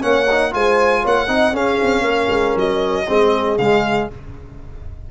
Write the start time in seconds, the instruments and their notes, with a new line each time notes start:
0.00 tuba A#3, trombone C#4, horn C#5, violin F#5
0.30 trombone D#4
0.51 tuba G#3, trombone F4, horn C5, violin G#5
1.02 tuba A#3, horn C#5, violin F#5
1.27 tuba C4, trombone D#4, horn D#5
1.52 tuba C#4, trombone C#4, horn G#4, violin F5
1.82 tuba C4
2.02 tuba A#3, horn A#4
2.29 tuba G#3
2.56 tuba F#3, violin D#5
3.07 tuba G#3, trombone C4, horn G#4
3.58 tuba C#3, trombone G#3, violin F5